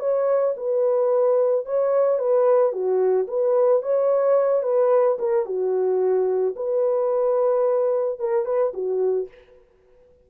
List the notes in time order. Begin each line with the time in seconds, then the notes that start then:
0.00 C#5
0.57 B4
1.66 C#5
2.19 B4
2.73 F#4
3.28 B4
3.83 C#5
4.63 B4
5.19 A#4
5.46 F#4
6.57 B4
8.19 A#4
8.46 B4
8.74 F#4